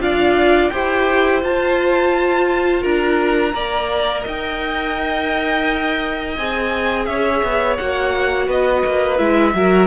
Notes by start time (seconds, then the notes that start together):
0.00 D4 F4 D5 F5
0.69 E4 G4 C5 G5
1.41 F4 A5
2.81 D4 A#4 A#5
3.54 A#3 A#4 D5
4.22 D#4 D#5 G5
6.36 C4 G#4 G#5
7.06 C#4 C#5 E5
7.43 B3
7.77 A#3 F#4 F#5
8.47 B3 B4 D#5
8.85 A#3
9.18 G#3 E4 E5
9.54 F#3 F#4 A#4